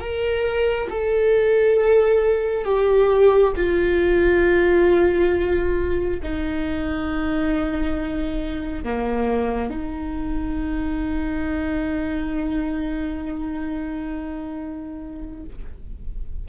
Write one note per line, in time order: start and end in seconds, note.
0.00 0.88 A#4
0.90 2.64 A4
2.64 3.53 G4
3.56 6.20 F4
6.22 8.84 D#4
8.84 9.70 A#3
9.70 15.43 D#4